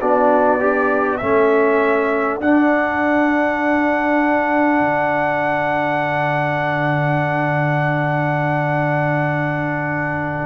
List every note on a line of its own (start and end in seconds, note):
0.00 1.21 B3
0.00 0.59 D4
0.00 0.60 F#4
0.00 1.17 D5
0.59 1.19 D4
0.59 1.19 G4
1.17 2.40 A3
1.17 2.41 C#4
1.17 10.45 A4
1.17 2.37 E5
2.40 4.79 D4
2.40 10.45 D4
2.40 10.45 F#5
4.79 10.45 D3